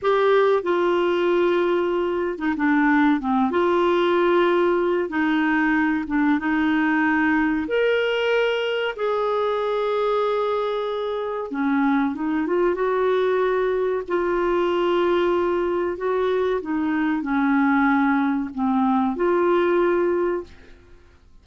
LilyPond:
\new Staff \with { instrumentName = "clarinet" } { \time 4/4 \tempo 4 = 94 g'4 f'2~ f'8. dis'16 | d'4 c'8 f'2~ f'8 | dis'4. d'8 dis'2 | ais'2 gis'2~ |
gis'2 cis'4 dis'8 f'8 | fis'2 f'2~ | f'4 fis'4 dis'4 cis'4~ | cis'4 c'4 f'2 | }